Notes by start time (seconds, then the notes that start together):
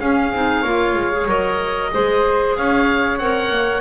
0.00 C#4 G#4 F5
0.32 C4 D#4
0.62 A#3 F4 C#5
0.94 G#3
1.12 G#4
1.26 F#3 A#4 D#5
1.93 G#3 G#4 C5
2.56 C#4 C#5 F5
3.18 C4 A#4 F#5
3.49 A#3